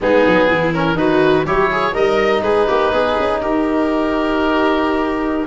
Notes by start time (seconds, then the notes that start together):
0.00 G#3 B3 D#4 G#4
0.26 F#3
0.48 E3 E4
0.73 C#4 A#4
0.93 D#3 D#4 F#4 B4
1.46 F#3 E4 G4 C#5
1.71 G#4
1.93 G3 D#4 A#4 D#5
2.42 G#3 G#4 B4
2.68 A#3 G4
2.92 B3 G#4
3.19 C#4
3.41 D#4 G4 A#4